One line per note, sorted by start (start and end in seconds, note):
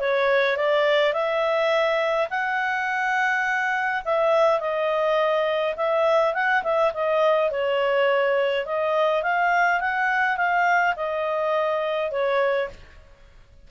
0.00 0.57 C#5
0.57 1.13 D5
1.13 2.28 E5
2.30 4.03 F#5
4.05 4.60 E5
4.60 5.75 D#5
5.76 6.34 E5
6.34 6.63 F#5
6.63 6.92 E5
6.94 7.51 D#5
7.51 8.65 C#5
8.65 9.23 D#5
9.23 9.80 F5
9.81 10.37 F#5
10.37 10.94 F5
10.96 12.11 D#5
12.11 12.69 C#5